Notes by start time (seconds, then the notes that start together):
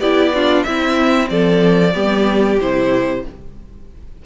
0.00 B3 E4 G4 D5
0.35 D4 F4
0.64 C4 E4 E5
1.30 F3 A4 D5
1.94 G3 B3 G4
2.61 C3 E4 C5